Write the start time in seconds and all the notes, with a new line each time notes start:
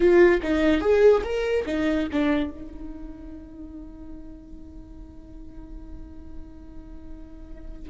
0.00 F4
0.42 D#4
0.80 G#4
1.23 A#4
1.66 D#4
2.12 D4
2.50 D#4